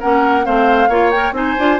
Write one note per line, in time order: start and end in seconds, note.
0.00 0.47 A#3
0.00 0.44 C#4
0.00 0.45 A#4
0.00 0.45 F#5
0.44 0.88 A3
0.44 0.89 C4
0.44 0.89 C5
0.44 1.10 F5
0.88 1.32 A#3
0.88 1.13 F4
0.88 1.34 C#5
1.10 1.34 A#4
1.10 1.33 G5
1.32 1.54 C4
1.32 1.57 D#4
1.32 1.80 C5
1.32 1.80 G#5
1.59 1.80 D4
1.59 1.80 F4